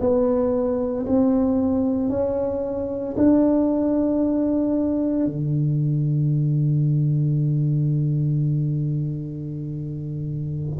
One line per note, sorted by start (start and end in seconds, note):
0.00 1.05 B3
1.06 2.10 C4
2.10 3.15 C#4
3.17 5.26 D4
5.26 10.78 D3